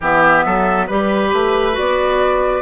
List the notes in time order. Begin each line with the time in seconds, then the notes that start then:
0.00 E3 B3 G4 E5
0.45 F#3 A4
0.87 G3 G4 B4
1.33 A3
1.72 F#4 D5
1.79 B3